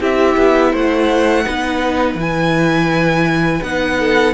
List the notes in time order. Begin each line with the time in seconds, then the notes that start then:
0.00 C4 E4 G4 E5
0.37 B3
0.71 A3 C5 F#5
1.44 B3 D#4 B4
2.15 E3 E4 G#5
3.63 B3 D#4 F#5
3.99 A4